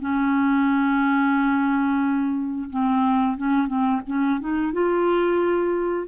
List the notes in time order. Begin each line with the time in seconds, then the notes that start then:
0.00 C#4
2.70 C4
3.37 C#4
3.67 C4
4.07 C#4
4.40 D#4
4.73 F4